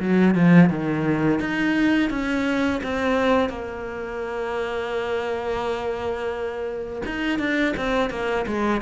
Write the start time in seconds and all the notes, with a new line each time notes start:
0.00 F#3
0.35 F3
0.70 D#3
1.40 D#4
2.10 C#4
2.84 C4
3.50 A#3
7.06 D#4
7.39 D4
7.77 C4
8.10 A#3
8.47 G#3